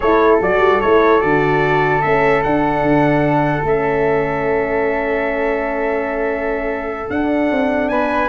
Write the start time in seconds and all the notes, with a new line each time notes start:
0.00 A3 E4 A4 C#5
0.40 F#3 F#4 D5
0.58 G3
0.80 A3 E4 C#5
1.20 D3 F#4 D5
2.01 A3 C#4 E5
2.42 D4 F#5
2.82 D3
3.63 A3 C#4 E5
7.09 D4 F#5
7.51 C4
7.88 B3 B4 G#5